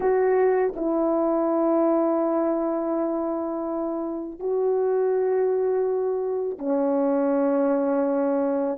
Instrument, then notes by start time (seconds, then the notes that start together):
horn
0.00 F#4
0.76 E4
4.39 F#4
6.58 C#4